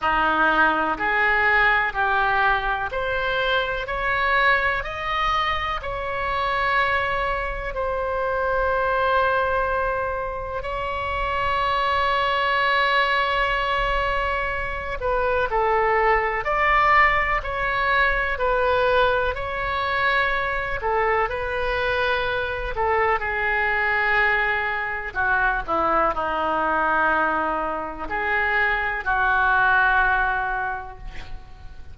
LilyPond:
\new Staff \with { instrumentName = "oboe" } { \time 4/4 \tempo 4 = 62 dis'4 gis'4 g'4 c''4 | cis''4 dis''4 cis''2 | c''2. cis''4~ | cis''2.~ cis''8 b'8 |
a'4 d''4 cis''4 b'4 | cis''4. a'8 b'4. a'8 | gis'2 fis'8 e'8 dis'4~ | dis'4 gis'4 fis'2 | }